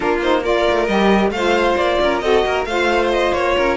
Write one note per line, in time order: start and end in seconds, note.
0.00 0.67 A#3
0.00 0.21 D4
0.00 0.40 F4
0.00 0.19 A#4
0.21 0.43 D#4
0.21 0.44 C5
0.42 0.87 F4
0.42 1.31 A#4
0.42 0.86 D5
0.70 0.88 A3
0.86 1.30 G3
0.86 1.32 G4
0.86 1.30 D#5
1.30 1.75 A3
1.30 2.21 F4
1.30 2.01 C5
1.30 1.76 F5
1.76 1.98 A#3
1.76 2.19 D5
2.00 2.22 C#4
2.00 2.23 A#4
2.19 2.44 C4
2.19 2.66 F#4
2.19 2.45 A4
2.19 2.63 D#5
2.45 2.65 A#3
2.45 2.68 A#4
2.65 3.31 A3
2.65 3.77 F4
2.65 3.55 C5
2.65 3.09 F5
3.12 3.33 D#5
3.33 3.56 A#3
3.33 3.77 C#5
3.55 3.77 C#4
3.55 3.77 A#4